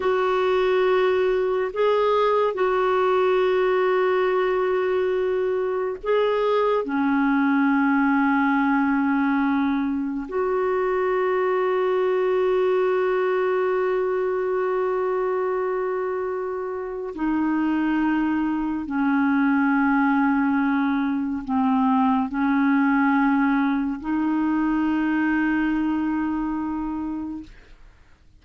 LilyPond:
\new Staff \with { instrumentName = "clarinet" } { \time 4/4 \tempo 4 = 70 fis'2 gis'4 fis'4~ | fis'2. gis'4 | cis'1 | fis'1~ |
fis'1 | dis'2 cis'2~ | cis'4 c'4 cis'2 | dis'1 | }